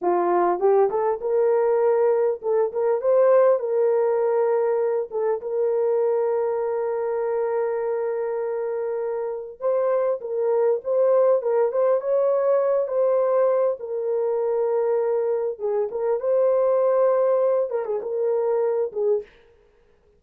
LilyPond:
\new Staff \with { instrumentName = "horn" } { \time 4/4 \tempo 4 = 100 f'4 g'8 a'8 ais'2 | a'8 ais'8 c''4 ais'2~ | ais'8 a'8 ais'2.~ | ais'1 |
c''4 ais'4 c''4 ais'8 c''8 | cis''4. c''4. ais'4~ | ais'2 gis'8 ais'8 c''4~ | c''4. ais'16 gis'16 ais'4. gis'8 | }